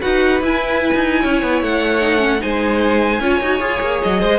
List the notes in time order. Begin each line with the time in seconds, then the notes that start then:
0.00 D#4 F#4 B4 F#5
0.41 E4 G#5
0.94 D#4
1.21 C#4 C#5
1.42 B3
1.62 A3 F#5
2.01 D#4
2.18 C#4
2.39 G#3 D#4 C5 G#5
3.20 C#4 F4 C#5
3.41 D#4 F#4
3.60 F4 G#4
3.81 A#3
4.02 F#3 D#5
4.21 G#3 C5